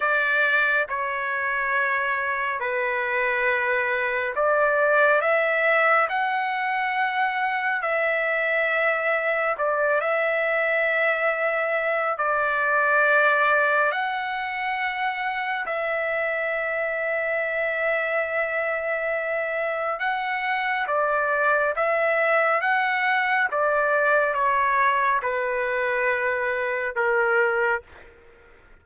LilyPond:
\new Staff \with { instrumentName = "trumpet" } { \time 4/4 \tempo 4 = 69 d''4 cis''2 b'4~ | b'4 d''4 e''4 fis''4~ | fis''4 e''2 d''8 e''8~ | e''2 d''2 |
fis''2 e''2~ | e''2. fis''4 | d''4 e''4 fis''4 d''4 | cis''4 b'2 ais'4 | }